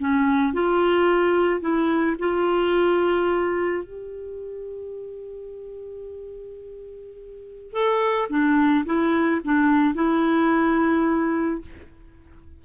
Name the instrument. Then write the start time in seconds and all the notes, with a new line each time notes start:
clarinet
0.00 C#4
0.54 F4
1.61 E4
2.19 F4
3.84 G4
7.73 A4
8.30 D4
8.86 E4
9.44 D4
9.95 E4